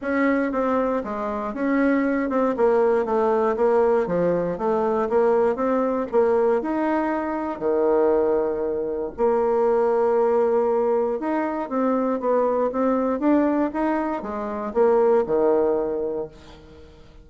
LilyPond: \new Staff \with { instrumentName = "bassoon" } { \time 4/4 \tempo 4 = 118 cis'4 c'4 gis4 cis'4~ | cis'8 c'8 ais4 a4 ais4 | f4 a4 ais4 c'4 | ais4 dis'2 dis4~ |
dis2 ais2~ | ais2 dis'4 c'4 | b4 c'4 d'4 dis'4 | gis4 ais4 dis2 | }